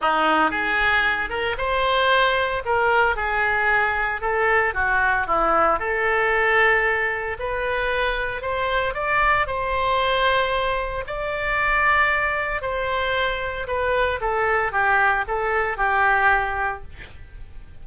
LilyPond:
\new Staff \with { instrumentName = "oboe" } { \time 4/4 \tempo 4 = 114 dis'4 gis'4. ais'8 c''4~ | c''4 ais'4 gis'2 | a'4 fis'4 e'4 a'4~ | a'2 b'2 |
c''4 d''4 c''2~ | c''4 d''2. | c''2 b'4 a'4 | g'4 a'4 g'2 | }